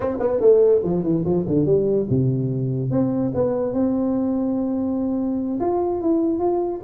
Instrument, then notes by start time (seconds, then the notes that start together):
tuba
0.00 C4
0.19 B3
0.40 A3
0.83 F3
1.03 E3
1.24 F3
1.47 D3
1.65 G3
2.09 C3
2.90 C4
3.34 B3
3.73 C4
5.60 F4
6.01 E4
6.39 F4